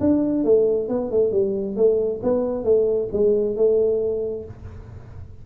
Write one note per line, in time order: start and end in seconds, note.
0.00 0.44 D4
0.44 0.88 A3
0.89 1.11 B3
1.11 1.32 A3
1.32 1.76 G3
1.76 2.21 A3
2.23 2.64 B3
2.64 3.08 A3
3.13 3.56 G#3
3.56 4.45 A3